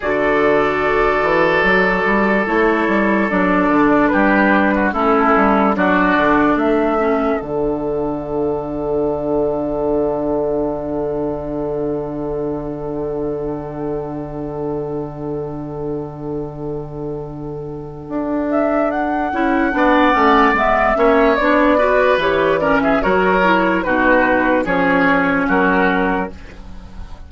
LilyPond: <<
  \new Staff \with { instrumentName = "flute" } { \time 4/4 \tempo 4 = 73 d''2. cis''4 | d''4 b'4 a'4 d''4 | e''4 fis''2.~ | fis''1~ |
fis''1~ | fis''2~ fis''8 e''8 fis''4~ | fis''4 e''4 d''4 cis''8 d''16 e''16 | cis''4 b'4 cis''4 ais'4 | }
  \new Staff \with { instrumentName = "oboe" } { \time 4/4 a'1~ | a'4 g'8. fis'16 e'4 fis'4 | a'1~ | a'1~ |
a'1~ | a'1 | d''4. cis''4 b'4 ais'16 gis'16 | ais'4 fis'4 gis'4 fis'4 | }
  \new Staff \with { instrumentName = "clarinet" } { \time 4/4 fis'2. e'4 | d'2 cis'4 d'4~ | d'8 cis'8 d'2.~ | d'1~ |
d'1~ | d'2.~ d'8 e'8 | d'8 cis'8 b8 cis'8 d'8 fis'8 g'8 cis'8 | fis'8 e'8 dis'4 cis'2 | }
  \new Staff \with { instrumentName = "bassoon" } { \time 4/4 d4. e8 fis8 g8 a8 g8 | fis8 d8 g4 a8 g8 fis8 d8 | a4 d2.~ | d1~ |
d1~ | d2 d'4. cis'8 | b8 a8 gis8 ais8 b4 e4 | fis4 b,4 f4 fis4 | }
>>